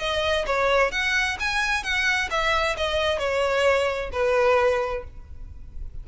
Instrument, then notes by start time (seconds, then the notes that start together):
violin
0.00 D#5
0.46 C#5
0.92 F#5
1.40 G#5
1.84 F#5
2.31 E5
2.78 D#5
3.19 C#5
4.13 B4